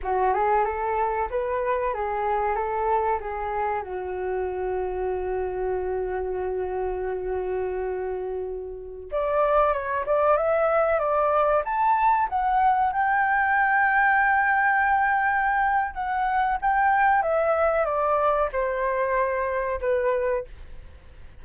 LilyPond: \new Staff \with { instrumentName = "flute" } { \time 4/4 \tempo 4 = 94 fis'8 gis'8 a'4 b'4 gis'4 | a'4 gis'4 fis'2~ | fis'1~ | fis'2~ fis'16 d''4 cis''8 d''16~ |
d''16 e''4 d''4 a''4 fis''8.~ | fis''16 g''2.~ g''8.~ | g''4 fis''4 g''4 e''4 | d''4 c''2 b'4 | }